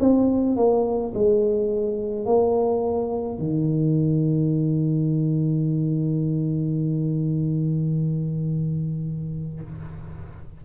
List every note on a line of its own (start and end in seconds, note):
0.00 0.57 C4
0.57 1.13 A#3
1.15 2.25 G#3
2.25 3.39 A#3
3.39 9.62 D#3